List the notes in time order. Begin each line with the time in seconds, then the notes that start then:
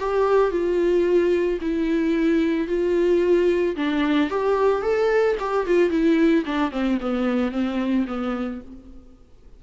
0.00 G4
0.51 F4
1.61 E4
2.68 F4
3.76 D4
4.30 G4
4.82 A4
5.40 G4
5.67 F4
5.90 E4
6.46 D4
6.71 C4
7.01 B3
7.52 C4
8.08 B3